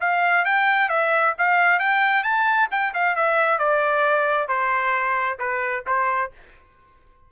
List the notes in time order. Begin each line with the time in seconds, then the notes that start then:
0.00 F5
0.45 G5
0.89 E5
1.38 F5
1.79 G5
2.23 A5
2.71 G5
2.94 F5
3.16 E5
3.58 D5
4.48 C5
5.39 B4
5.86 C5